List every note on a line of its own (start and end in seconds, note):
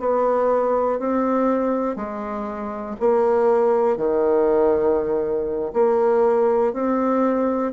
0.00 1.00 B3
1.00 1.96 C4
1.96 2.96 G#3
3.00 3.97 A#3
3.97 5.72 D#3
5.74 6.74 A#3
6.74 7.73 C4